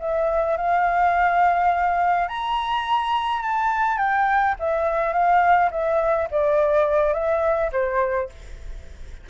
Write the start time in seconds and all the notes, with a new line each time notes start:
0.00 E5
0.57 F5
2.28 A#5
3.43 A5
3.98 G5
4.60 E5
5.13 F5
5.71 E5
6.31 D5
7.14 E5
7.73 C5